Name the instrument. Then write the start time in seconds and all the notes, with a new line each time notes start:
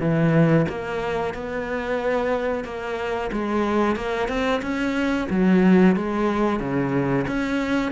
cello
0.00 E3
0.69 A#3
1.34 B3
2.64 A#3
3.32 G#3
3.96 A#3
4.28 C4
4.62 C#4
5.30 F#3
5.96 G#3
6.60 C#3
7.28 C#4